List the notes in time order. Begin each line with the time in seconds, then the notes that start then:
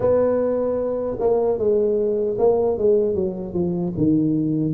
0.00 B3
1.19 A#3
1.58 G#3
2.38 A#3
2.78 G#3
3.14 F#3
3.53 F3
3.97 D#3